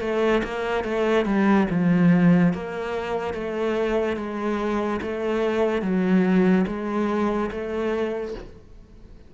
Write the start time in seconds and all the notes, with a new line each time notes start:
0.00 A3
0.44 A#3
0.84 A3
1.25 G3
1.70 F3
2.53 A#3
3.34 A3
4.16 G#3
5.01 A3
5.81 F#3
6.67 G#3
7.50 A3